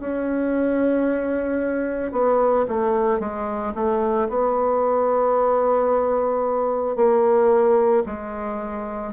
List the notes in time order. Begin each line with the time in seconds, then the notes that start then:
0.00 C#4
2.12 B3
2.68 A3
3.20 G#3
3.75 A3
4.29 B3
6.96 A#3
8.06 G#3